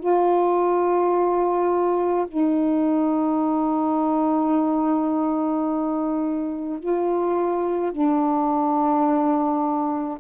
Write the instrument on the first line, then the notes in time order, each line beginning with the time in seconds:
saxophone
0.00 F4
2.28 D#4
6.80 F4
7.92 D4